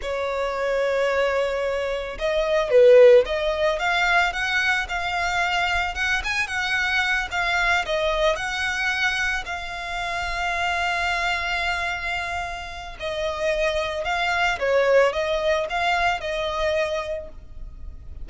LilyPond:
\new Staff \with { instrumentName = "violin" } { \time 4/4 \tempo 4 = 111 cis''1 | dis''4 b'4 dis''4 f''4 | fis''4 f''2 fis''8 gis''8 | fis''4. f''4 dis''4 fis''8~ |
fis''4. f''2~ f''8~ | f''1 | dis''2 f''4 cis''4 | dis''4 f''4 dis''2 | }